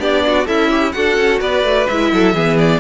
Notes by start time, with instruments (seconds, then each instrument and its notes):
0.00 cello B3, viola D4, violin G4 D5
0.27 violin F#4
0.46 cello C#4, violin E4 E5, viola A4
0.71 viola G4
0.93 cello D4, viola F#4, violin A4 F#5
1.17 cello C#4
1.41 cello B3, violin B4 D5
1.64 cello A3
1.87 cello G#3, viola E4, violin E5
2.13 cello F#3, violin A4
2.34 cello E3, viola B3, violin G#4
2.59 violin D5